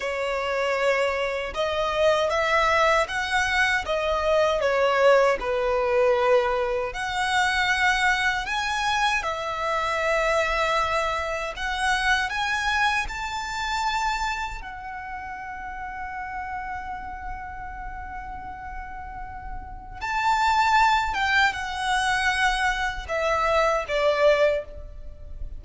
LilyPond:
\new Staff \with { instrumentName = "violin" } { \time 4/4 \tempo 4 = 78 cis''2 dis''4 e''4 | fis''4 dis''4 cis''4 b'4~ | b'4 fis''2 gis''4 | e''2. fis''4 |
gis''4 a''2 fis''4~ | fis''1~ | fis''2 a''4. g''8 | fis''2 e''4 d''4 | }